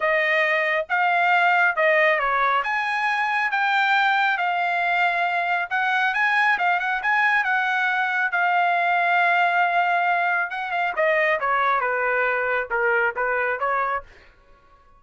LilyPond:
\new Staff \with { instrumentName = "trumpet" } { \time 4/4 \tempo 4 = 137 dis''2 f''2 | dis''4 cis''4 gis''2 | g''2 f''2~ | f''4 fis''4 gis''4 f''8 fis''8 |
gis''4 fis''2 f''4~ | f''1 | fis''8 f''8 dis''4 cis''4 b'4~ | b'4 ais'4 b'4 cis''4 | }